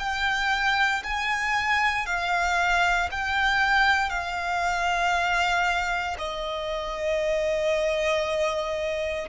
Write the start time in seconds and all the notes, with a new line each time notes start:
0.00 G5
1.04 G#5
2.06 F5
3.11 G5
4.10 F5
6.19 D#5